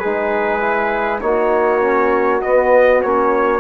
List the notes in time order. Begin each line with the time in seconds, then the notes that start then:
0.00 G#3 D#4 G#4 B4
0.60 E4
1.21 A#3 D#4 F#4 C#5
1.81 C#4
2.42 B3 D#5
3.02 A#3 C#4 C#5